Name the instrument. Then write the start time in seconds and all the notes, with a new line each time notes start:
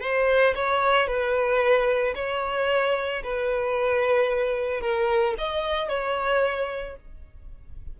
violin
0.00 C5
0.55 C#5
1.07 B4
2.15 C#5
3.23 B4
4.80 A#4
5.38 D#5
5.89 C#5